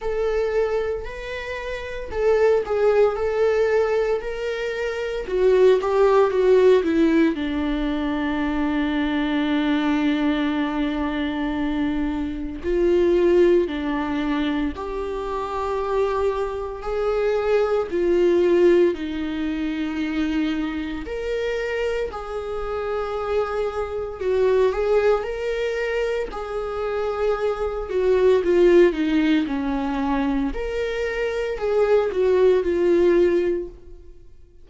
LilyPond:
\new Staff \with { instrumentName = "viola" } { \time 4/4 \tempo 4 = 57 a'4 b'4 a'8 gis'8 a'4 | ais'4 fis'8 g'8 fis'8 e'8 d'4~ | d'1 | f'4 d'4 g'2 |
gis'4 f'4 dis'2 | ais'4 gis'2 fis'8 gis'8 | ais'4 gis'4. fis'8 f'8 dis'8 | cis'4 ais'4 gis'8 fis'8 f'4 | }